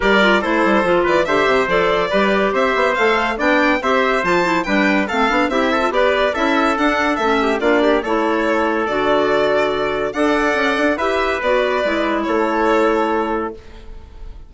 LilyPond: <<
  \new Staff \with { instrumentName = "violin" } { \time 4/4 \tempo 4 = 142 d''4 c''4. d''8 e''4 | d''2 e''4 f''4 | g''4 e''4 a''4 g''4 | f''4 e''4 d''4 e''4 |
fis''4 e''4 d''4 cis''4~ | cis''4 d''2. | fis''2 e''4 d''4~ | d''4 cis''2. | }
  \new Staff \with { instrumentName = "trumpet" } { \time 4/4 ais'4 a'4. b'8 c''4~ | c''4 b'4 c''2 | d''4 c''2 b'4 | a'4 g'8 a'8 b'4 a'4~ |
a'4. g'8 f'8 g'8 a'4~ | a'1 | d''2 b'2~ | b'4 a'2. | }
  \new Staff \with { instrumentName = "clarinet" } { \time 4/4 g'8 f'8 e'4 f'4 g'4 | a'4 g'2 a'4 | d'4 g'4 f'8 e'8 d'4 | c'8 d'8 e'8. f'16 g'4 e'4 |
d'4 cis'4 d'4 e'4~ | e'4 fis'2. | a'2 g'4 fis'4 | e'1 | }
  \new Staff \with { instrumentName = "bassoon" } { \time 4/4 g4 a8 g8 f8 e8 d8 c8 | f4 g4 c'8 b8 a4 | b4 c'4 f4 g4 | a8 b8 c'4 b4 cis'4 |
d'4 a4 ais4 a4~ | a4 d2. | d'4 cis'8 d'8 e'4 b4 | gis4 a2. | }
>>